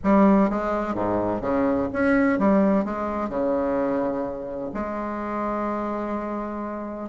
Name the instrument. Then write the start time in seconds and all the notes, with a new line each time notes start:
bassoon
0.03 G3
0.50 G#3
0.94 G#2
1.41 C#3
1.92 C#4
2.38 G3
2.84 G#3
3.29 C#3
4.74 G#3